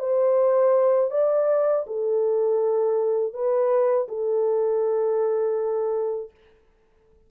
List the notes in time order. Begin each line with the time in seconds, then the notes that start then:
0.00 C5
1.11 D5
1.87 A4
3.34 B4
4.09 A4